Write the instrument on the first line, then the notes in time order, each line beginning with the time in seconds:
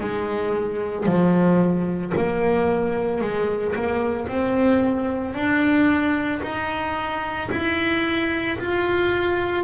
double bass
0.00 G#3
1.06 F3
2.17 A#3
3.21 G#3
3.75 A#3
4.28 C4
5.34 D4
6.42 D#4
7.51 E4
8.59 F4